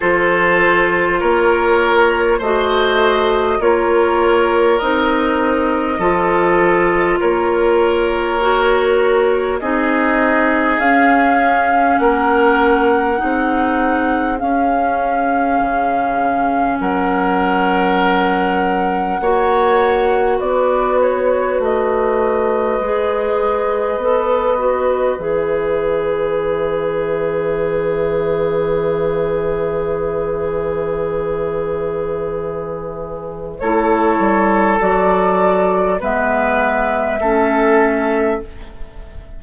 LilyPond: <<
  \new Staff \with { instrumentName = "flute" } { \time 4/4 \tempo 4 = 50 c''4 cis''4 dis''4 cis''4 | dis''2 cis''2 | dis''4 f''4 fis''2 | f''2 fis''2~ |
fis''4 d''8 cis''8 dis''2~ | dis''4 e''2.~ | e''1 | cis''4 d''4 e''2 | }
  \new Staff \with { instrumentName = "oboe" } { \time 4/4 a'4 ais'4 c''4 ais'4~ | ais'4 a'4 ais'2 | gis'2 ais'4 gis'4~ | gis'2 ais'2 |
cis''4 b'2.~ | b'1~ | b'1 | a'2 b'4 a'4 | }
  \new Staff \with { instrumentName = "clarinet" } { \time 4/4 f'2 fis'4 f'4 | dis'4 f'2 fis'4 | dis'4 cis'2 dis'4 | cis'1 |
fis'2. gis'4 | a'8 fis'8 gis'2.~ | gis'1 | e'4 fis'4 b4 cis'4 | }
  \new Staff \with { instrumentName = "bassoon" } { \time 4/4 f4 ais4 a4 ais4 | c'4 f4 ais2 | c'4 cis'4 ais4 c'4 | cis'4 cis4 fis2 |
ais4 b4 a4 gis4 | b4 e2.~ | e1 | a8 g8 fis4 gis4 a4 | }
>>